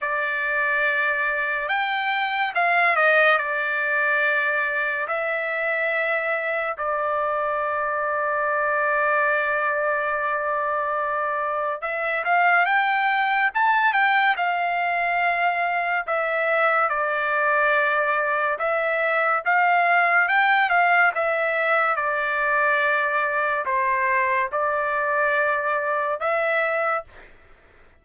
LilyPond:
\new Staff \with { instrumentName = "trumpet" } { \time 4/4 \tempo 4 = 71 d''2 g''4 f''8 dis''8 | d''2 e''2 | d''1~ | d''2 e''8 f''8 g''4 |
a''8 g''8 f''2 e''4 | d''2 e''4 f''4 | g''8 f''8 e''4 d''2 | c''4 d''2 e''4 | }